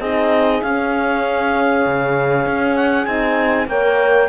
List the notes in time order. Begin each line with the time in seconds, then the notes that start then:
0.00 C4 D#4 G#4 D#5
0.62 C#4 F5
1.86 C#3
2.47 C#4
2.77 F#5
3.05 C4 D#4 G#5
3.67 A#3 A#4 C#5 G5